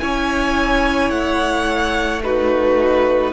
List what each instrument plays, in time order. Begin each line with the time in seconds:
0.00 cello C#4, viola E4, violin C#5 G#5
1.10 cello A3, violin F#5
2.23 viola D#4, violin F#4 B4